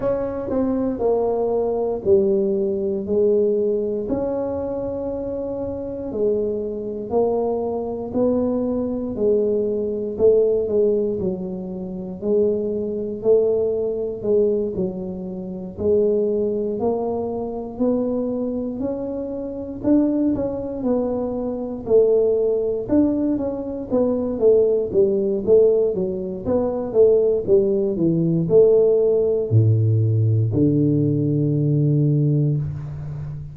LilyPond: \new Staff \with { instrumentName = "tuba" } { \time 4/4 \tempo 4 = 59 cis'8 c'8 ais4 g4 gis4 | cis'2 gis4 ais4 | b4 gis4 a8 gis8 fis4 | gis4 a4 gis8 fis4 gis8~ |
gis8 ais4 b4 cis'4 d'8 | cis'8 b4 a4 d'8 cis'8 b8 | a8 g8 a8 fis8 b8 a8 g8 e8 | a4 a,4 d2 | }